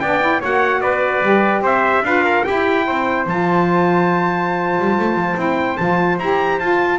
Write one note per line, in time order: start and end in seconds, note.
0.00 0.42 B3
0.00 0.21 D4
0.00 0.40 D5
0.00 0.41 G5
0.21 0.41 E4
0.40 0.80 A#3
0.40 1.22 F#4
0.40 0.80 C#5
0.40 0.81 F#5
0.80 1.21 B3
0.80 1.62 B4
0.80 1.62 D5
1.22 1.61 G3
1.22 2.03 G4
1.61 2.01 C4
1.61 2.03 C5
1.61 2.05 E5
2.02 2.42 D4
2.02 2.45 F4
2.02 2.25 B4
2.02 2.44 F5
2.25 2.45 A#4
2.44 3.27 E4
2.44 2.87 E4
2.44 2.86 G4
2.44 3.25 G5
2.86 3.26 C4
2.86 6.99 C5
3.26 4.78 F3
3.26 5.36 F4
3.26 5.40 A5
4.78 4.98 G3
4.99 5.15 A3
5.15 5.35 F3
5.36 5.77 C4
5.36 5.76 E4
5.36 5.77 G5
5.77 6.19 F3
5.77 6.20 F4
5.77 6.17 A5
6.19 6.59 E4
6.19 6.60 G4
6.19 6.59 A#5
6.59 6.99 F4
6.59 6.99 A5